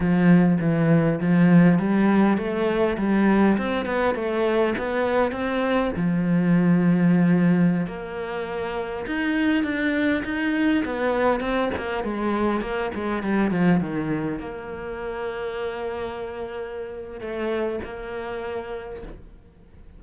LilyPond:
\new Staff \with { instrumentName = "cello" } { \time 4/4 \tempo 4 = 101 f4 e4 f4 g4 | a4 g4 c'8 b8 a4 | b4 c'4 f2~ | f4~ f16 ais2 dis'8.~ |
dis'16 d'4 dis'4 b4 c'8 ais16~ | ais16 gis4 ais8 gis8 g8 f8 dis8.~ | dis16 ais2.~ ais8.~ | ais4 a4 ais2 | }